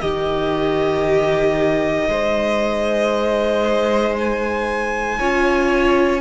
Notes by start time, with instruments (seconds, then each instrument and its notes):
0.00 cello D#3, viola D#4, violin G4 D#5
2.08 cello G#3, violin C5
4.18 violin G#5
5.18 cello C#4, viola F4, violin C#5